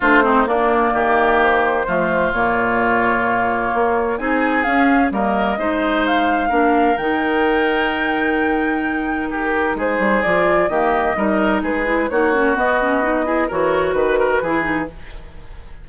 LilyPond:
<<
  \new Staff \with { instrumentName = "flute" } { \time 4/4 \tempo 4 = 129 c''4 d''2 c''4~ | c''4 cis''2.~ | cis''4 gis''4 f''4 dis''4~ | dis''4 f''2 g''4~ |
g''1 | ais'4 c''4 d''4 dis''4~ | dis''4 b'4 cis''4 dis''4~ | dis''4 cis''4 b'2 | }
  \new Staff \with { instrumentName = "oboe" } { \time 4/4 f'8 dis'8 d'4 g'2 | f'1~ | f'4 gis'2 ais'4 | c''2 ais'2~ |
ais'1 | g'4 gis'2 g'4 | ais'4 gis'4 fis'2~ | fis'8 gis'8 ais'4 b'8 ais'8 gis'4 | }
  \new Staff \with { instrumentName = "clarinet" } { \time 4/4 d'8 c'8 ais2. | a4 ais2.~ | ais4 dis'4 cis'4 ais4 | dis'2 d'4 dis'4~ |
dis'1~ | dis'2 f'4 ais4 | dis'4. e'8 dis'8 cis'8 b8 cis'8 | dis'8 e'8 fis'2 e'8 dis'8 | }
  \new Staff \with { instrumentName = "bassoon" } { \time 4/4 a4 ais4 dis2 | f4 ais,2. | ais4 c'4 cis'4 g4 | gis2 ais4 dis4~ |
dis1~ | dis4 gis8 g8 f4 dis4 | g4 gis4 ais4 b4~ | b4 e4 dis4 e4 | }
>>